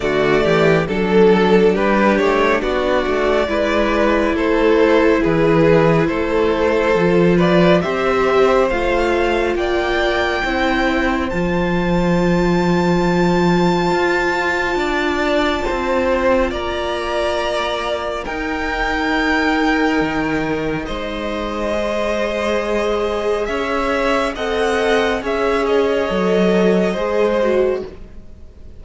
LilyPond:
<<
  \new Staff \with { instrumentName = "violin" } { \time 4/4 \tempo 4 = 69 d''4 a'4 b'8 cis''8 d''4~ | d''4 c''4 b'4 c''4~ | c''8 d''8 e''4 f''4 g''4~ | g''4 a''2.~ |
a''2. ais''4~ | ais''4 g''2. | dis''2. e''4 | fis''4 e''8 dis''2~ dis''8 | }
  \new Staff \with { instrumentName = "violin" } { \time 4/4 fis'8 g'8 a'4 g'4 fis'4 | b'4 a'4 gis'4 a'4~ | a'8 b'8 c''2 d''4 | c''1~ |
c''4 d''4 c''4 d''4~ | d''4 ais'2. | c''2. cis''4 | dis''4 cis''2 c''4 | }
  \new Staff \with { instrumentName = "viola" } { \time 4/4 a4 d'2. | e'1 | f'4 g'4 f'2 | e'4 f'2.~ |
f'1~ | f'4 dis'2.~ | dis'4 gis'2. | a'4 gis'4 a'4 gis'8 fis'8 | }
  \new Staff \with { instrumentName = "cello" } { \time 4/4 d8 e8 fis4 g8 a8 b8 a8 | gis4 a4 e4 a4 | f4 c'4 a4 ais4 | c'4 f2. |
f'4 d'4 c'4 ais4~ | ais4 dis'2 dis4 | gis2. cis'4 | c'4 cis'4 fis4 gis4 | }
>>